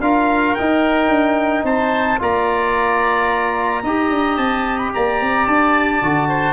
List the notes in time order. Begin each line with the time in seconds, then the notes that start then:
0.00 D4 F4 A#4 F5
0.55 D#4 G5
1.09 D4
1.64 C4 C5 A5
2.19 A#3 F4 D5 A#5
3.83 D#4 G4 D#5
4.10 D4
4.37 C4 A5
4.78 B5
4.94 A#3 D5 A#5
5.21 C4
5.46 D4 A5
6.02 D3 F#4
6.29 C5